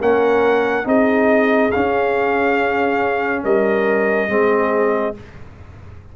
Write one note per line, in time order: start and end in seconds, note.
0.00 0.85 A#3
0.00 0.84 C#4
0.00 0.86 A#4
0.00 0.87 F#5
0.84 1.71 C4
0.84 1.70 D#4
0.84 3.43 G#4
0.84 1.71 D#5
1.71 4.29 C#4
1.71 3.44 C#4
1.71 3.43 F5
3.43 4.29 G3
3.43 4.29 A#4
3.43 5.16 D#5
4.29 5.14 G#3
4.29 5.14 C4
4.29 5.15 G#4